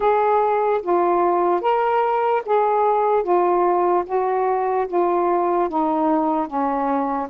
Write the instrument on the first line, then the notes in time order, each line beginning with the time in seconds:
saxophone
0.00 G#4
0.82 F4
1.61 A#4
2.45 G#4
3.22 F4
4.06 F#4
4.87 F4
5.69 D#4
6.46 C#4